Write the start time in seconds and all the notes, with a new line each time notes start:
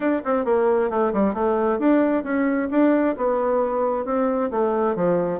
0.00 D4
0.24 C4
0.44 A#3
0.89 A3
1.13 G3
1.34 A3
1.79 D4
2.23 C#4
2.70 D4
3.16 B3
4.05 C4
4.51 A3
4.95 F3